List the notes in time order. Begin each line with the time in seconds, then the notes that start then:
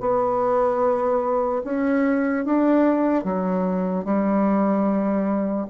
0.00 B3
1.64 C#4
2.45 D4
3.24 F#3
4.04 G3